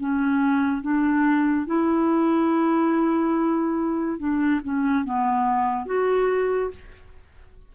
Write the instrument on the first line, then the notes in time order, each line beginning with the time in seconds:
clarinet
0.00 C#4
0.82 D4
1.67 E4
4.19 D4
4.64 C#4
5.05 B3
5.87 F#4